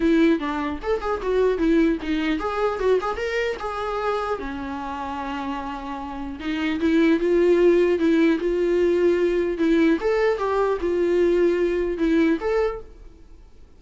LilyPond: \new Staff \with { instrumentName = "viola" } { \time 4/4 \tempo 4 = 150 e'4 d'4 a'8 gis'8 fis'4 | e'4 dis'4 gis'4 fis'8 gis'8 | ais'4 gis'2 cis'4~ | cis'1 |
dis'4 e'4 f'2 | e'4 f'2. | e'4 a'4 g'4 f'4~ | f'2 e'4 a'4 | }